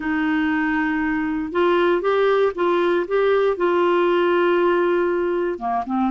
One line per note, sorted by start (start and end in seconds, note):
0.00 1.51 D#4
1.52 2.01 F4
2.01 2.52 G4
2.55 3.06 F4
3.07 3.57 G4
3.57 5.58 F4
5.58 5.84 A#3
5.86 6.10 C4